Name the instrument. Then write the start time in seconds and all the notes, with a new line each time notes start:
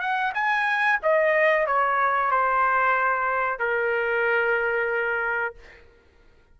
trumpet
0.00 F#5
0.34 G#5
1.02 D#5
1.66 C#5
2.31 C5
3.59 A#4